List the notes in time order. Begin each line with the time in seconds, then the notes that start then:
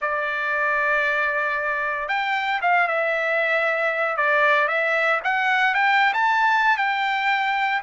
0.01 D5
2.08 G5
2.61 F5
2.87 E5
4.16 D5
4.68 E5
5.23 F#5
5.74 G5
6.13 A5
6.77 G5